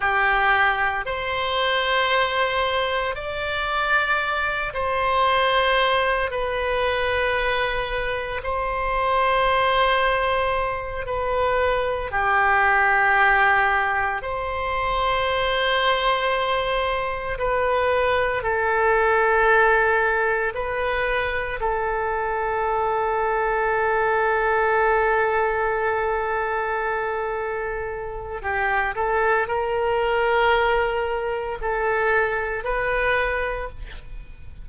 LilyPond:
\new Staff \with { instrumentName = "oboe" } { \time 4/4 \tempo 4 = 57 g'4 c''2 d''4~ | d''8 c''4. b'2 | c''2~ c''8 b'4 g'8~ | g'4. c''2~ c''8~ |
c''8 b'4 a'2 b'8~ | b'8 a'2.~ a'8~ | a'2. g'8 a'8 | ais'2 a'4 b'4 | }